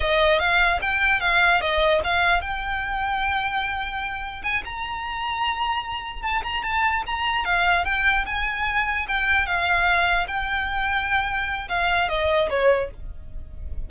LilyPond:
\new Staff \with { instrumentName = "violin" } { \time 4/4 \tempo 4 = 149 dis''4 f''4 g''4 f''4 | dis''4 f''4 g''2~ | g''2. gis''8 ais''8~ | ais''2.~ ais''8 a''8 |
ais''8 a''4 ais''4 f''4 g''8~ | g''8 gis''2 g''4 f''8~ | f''4. g''2~ g''8~ | g''4 f''4 dis''4 cis''4 | }